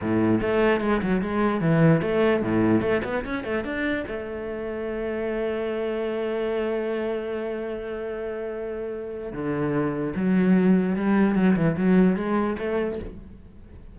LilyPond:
\new Staff \with { instrumentName = "cello" } { \time 4/4 \tempo 4 = 148 a,4 a4 gis8 fis8 gis4 | e4 a4 a,4 a8 b8 | cis'8 a8 d'4 a2~ | a1~ |
a1~ | a2. d4~ | d4 fis2 g4 | fis8 e8 fis4 gis4 a4 | }